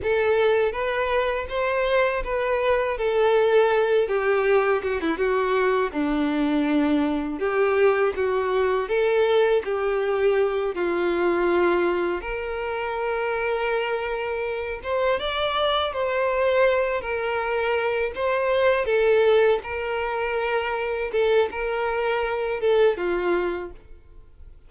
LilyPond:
\new Staff \with { instrumentName = "violin" } { \time 4/4 \tempo 4 = 81 a'4 b'4 c''4 b'4 | a'4. g'4 fis'16 e'16 fis'4 | d'2 g'4 fis'4 | a'4 g'4. f'4.~ |
f'8 ais'2.~ ais'8 | c''8 d''4 c''4. ais'4~ | ais'8 c''4 a'4 ais'4.~ | ais'8 a'8 ais'4. a'8 f'4 | }